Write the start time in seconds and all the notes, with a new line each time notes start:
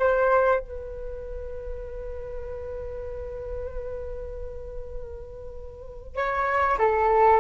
0.00 C5
0.60 B4
6.16 C#5
6.79 A4